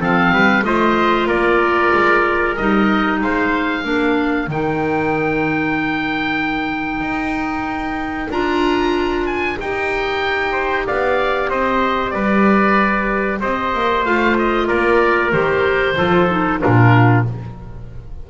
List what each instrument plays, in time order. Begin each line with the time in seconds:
0.00 double bass F3, clarinet C4, trumpet A4, oboe F5
0.32 double bass G3, trumpet B4
0.62 double bass A3, clarinet F4, trumpet C5, oboe D#5
1.26 double bass A#3, trumpet A#4, oboe D5
1.94 double bass G#3
2.56 double bass G3, clarinet D#4, oboe D#5
3.21 double bass G#3, trumpet C5, oboe F5
3.83 double bass A#3, clarinet D4, trumpet A#4
4.48 double bass D#3, clarinet D#4, oboe G5
7.01 double bass D#4
8.30 double bass D4, clarinet F4, oboe A#5
9.26 oboe G#5
9.59 double bass D#4, clarinet G4, oboe G5
10.52 trumpet C5
10.87 double bass B3, trumpet D5, oboe F5
11.49 double bass C4, trumpet C5, oboe D#5
12.11 double bass G3, trumpet B4, oboe D5
13.40 double bass C4, trumpet C5, oboe D#5
13.74 double bass A#3
14.05 double bass A3, clarinet F4, oboe F5
14.39 oboe D#5
14.67 double bass A#3, trumpet A#4, oboe D5
15.32 double bass D#3, clarinet G4, oboe C5
15.97 double bass F3, clarinet F4, trumpet A4
16.30 clarinet D#4
16.60 double bass A#2, clarinet D4, trumpet F4, oboe A#4